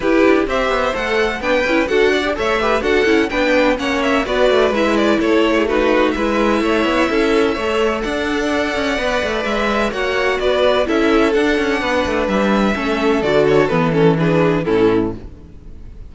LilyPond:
<<
  \new Staff \with { instrumentName = "violin" } { \time 4/4 \tempo 4 = 127 b'4 e''4 fis''4 g''4 | fis''4 e''4 fis''4 g''4 | fis''8 e''8 d''4 e''8 d''8 cis''4 | b'4 e''2.~ |
e''4 fis''2. | e''4 fis''4 d''4 e''4 | fis''2 e''2 | d''8 cis''8 b'8 a'8 b'4 a'4 | }
  \new Staff \with { instrumentName = "violin" } { \time 4/4 g'4 c''2 b'4 | a'8 d''8 cis''8 b'8 a'4 b'4 | cis''4 b'2 a'8. gis'16 | fis'4 b'4 cis''4 a'4 |
cis''4 d''2.~ | d''4 cis''4 b'4 a'4~ | a'4 b'2 a'4~ | a'2 gis'4 e'4 | }
  \new Staff \with { instrumentName = "viola" } { \time 4/4 e'4 g'4 a'4 d'8 e'8 | fis'8. g'16 a'8 g'8 fis'8 e'8 d'4 | cis'4 fis'4 e'2 | dis'4 e'2. |
a'2. b'4~ | b'4 fis'2 e'4 | d'2. cis'4 | fis'4 b8 cis'8 d'4 cis'4 | }
  \new Staff \with { instrumentName = "cello" } { \time 4/4 e'8 d'8 c'8 b8 a4 b8 cis'8 | d'4 a4 d'8 cis'8 b4 | ais4 b8 a8 gis4 a4~ | a4 gis4 a8 b8 cis'4 |
a4 d'4. cis'8 b8 a8 | gis4 ais4 b4 cis'4 | d'8 cis'8 b8 a8 g4 a4 | d4 e2 a,4 | }
>>